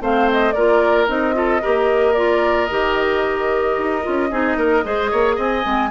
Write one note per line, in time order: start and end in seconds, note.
0.00 0.55 A3
0.00 0.54 C4
0.00 0.55 C5
0.00 0.30 F5
0.32 0.52 D#5
0.52 1.08 A#3
0.52 1.07 F4
0.52 1.35 A#4
0.52 1.06 D5
1.07 1.62 C4
1.07 1.34 D#4
1.07 2.14 D#5
1.34 1.60 F4
1.34 1.62 A4
1.62 2.71 A#3
1.62 2.15 G4
1.62 4.30 A#4
2.14 2.69 F4
2.14 2.66 D5
2.66 3.78 D#3
2.66 4.03 G4
2.66 5.33 D#5
3.78 4.05 D#4
4.03 4.31 C#4
4.03 4.30 F4
4.31 4.56 C4
4.31 4.84 D#4
4.31 4.57 G#4
4.56 4.83 A#3
4.56 4.84 A#4
4.84 5.12 G#3
4.84 5.63 G#4
4.84 5.11 C5
5.11 5.38 A#3
5.11 5.36 C#5
5.36 5.64 C4
5.36 5.89 D#5
5.36 5.91 G#5
5.63 5.91 G#3
5.63 5.90 C4